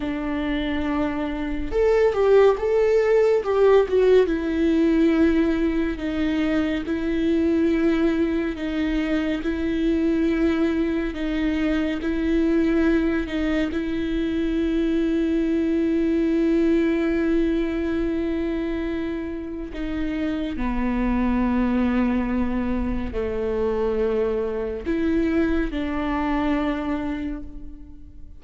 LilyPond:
\new Staff \with { instrumentName = "viola" } { \time 4/4 \tempo 4 = 70 d'2 a'8 g'8 a'4 | g'8 fis'8 e'2 dis'4 | e'2 dis'4 e'4~ | e'4 dis'4 e'4. dis'8 |
e'1~ | e'2. dis'4 | b2. a4~ | a4 e'4 d'2 | }